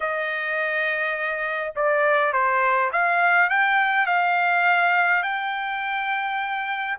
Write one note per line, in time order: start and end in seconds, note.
0.00 1.73 D#5
1.75 2.32 D5
2.32 2.90 C5
2.92 3.50 F5
3.50 4.06 G5
4.06 5.23 F5
5.23 6.97 G5